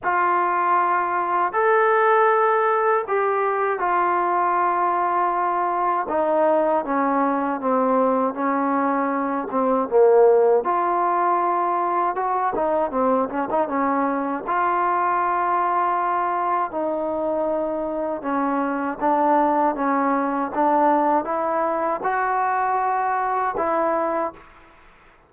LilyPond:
\new Staff \with { instrumentName = "trombone" } { \time 4/4 \tempo 4 = 79 f'2 a'2 | g'4 f'2. | dis'4 cis'4 c'4 cis'4~ | cis'8 c'8 ais4 f'2 |
fis'8 dis'8 c'8 cis'16 dis'16 cis'4 f'4~ | f'2 dis'2 | cis'4 d'4 cis'4 d'4 | e'4 fis'2 e'4 | }